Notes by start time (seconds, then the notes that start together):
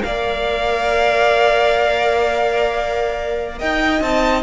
0.00 A#3 A#4 F5
0.06 D5
3.59 D#4 D#5 G5
4.01 C4 D#4 A5